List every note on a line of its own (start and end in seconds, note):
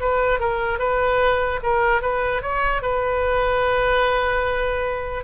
0.00 0.39 B4
0.39 0.79 A#4
0.79 1.60 B4
1.63 2.02 A#4
2.02 2.42 B4
2.42 2.82 C#5
2.82 5.24 B4